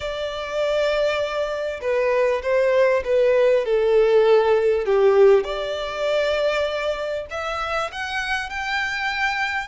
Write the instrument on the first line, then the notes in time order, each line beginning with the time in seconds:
violin
0.00 D5
1.81 B4
2.42 C5
3.04 B4
3.65 A4
4.85 G4
5.44 D5
7.30 E5
7.92 F#5
8.49 G5